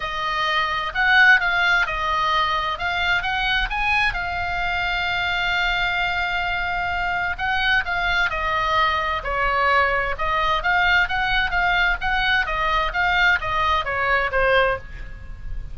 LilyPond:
\new Staff \with { instrumentName = "oboe" } { \time 4/4 \tempo 4 = 130 dis''2 fis''4 f''4 | dis''2 f''4 fis''4 | gis''4 f''2.~ | f''1 |
fis''4 f''4 dis''2 | cis''2 dis''4 f''4 | fis''4 f''4 fis''4 dis''4 | f''4 dis''4 cis''4 c''4 | }